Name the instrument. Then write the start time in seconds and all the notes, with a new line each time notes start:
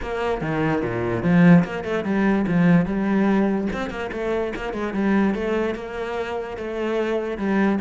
cello
0.02 A#3
0.41 D#3
0.82 A#2
1.22 F3
1.64 A#3
1.83 A3
2.04 G3
2.47 F3
2.85 G3
3.73 C4
3.89 A#3
4.12 A3
4.55 A#3
4.73 G#3
4.93 G3
5.34 A3
5.75 A#3
6.57 A3
7.37 G3